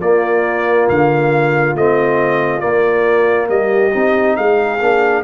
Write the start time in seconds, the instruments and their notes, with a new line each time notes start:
0.00 tuba A#3, trombone A#3, horn F4, trumpet D5
0.89 tuba D3, trumpet F5
1.74 tuba A3, trombone C4, trumpet D#5
2.60 trombone A#3, tuba A#3, trumpet D5
3.49 tuba G3, horn G4, trumpet D#5
3.91 tuba C4, trombone D#4
4.36 tuba G#3, horn G#4, trumpet F5
4.80 tuba A#3, trombone D4